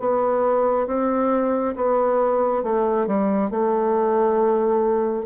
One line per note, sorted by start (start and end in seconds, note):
0.00 0.87 B3
0.87 1.75 C4
1.76 2.64 B3
2.64 3.07 A3
3.07 3.51 G3
3.51 5.26 A3